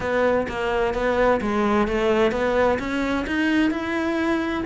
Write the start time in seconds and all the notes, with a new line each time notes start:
0.00 B3
0.48 A#3
0.94 B3
1.41 G#3
1.87 A3
2.31 B3
2.79 C#4
3.26 D#4
3.71 E4